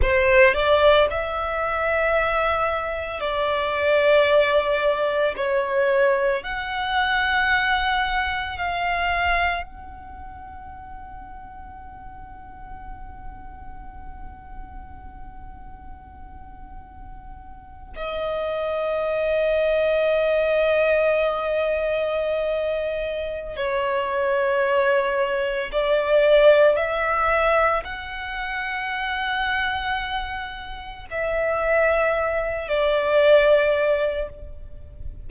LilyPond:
\new Staff \with { instrumentName = "violin" } { \time 4/4 \tempo 4 = 56 c''8 d''8 e''2 d''4~ | d''4 cis''4 fis''2 | f''4 fis''2.~ | fis''1~ |
fis''8. dis''2.~ dis''16~ | dis''2 cis''2 | d''4 e''4 fis''2~ | fis''4 e''4. d''4. | }